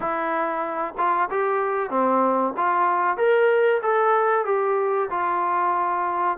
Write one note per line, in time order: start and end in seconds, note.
0.00 0.94 E4
0.97 1.29 F4
1.30 1.89 G4
1.89 2.53 C4
2.56 3.17 F4
3.17 3.81 A#4
3.82 4.45 A4
4.45 5.09 G4
5.10 6.37 F4